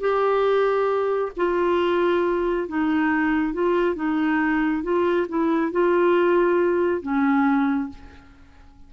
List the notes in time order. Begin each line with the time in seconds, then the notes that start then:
0.00 G4
1.36 F4
2.68 D#4
3.53 F4
3.95 D#4
4.83 F4
5.28 E4
5.71 F4
7.02 C#4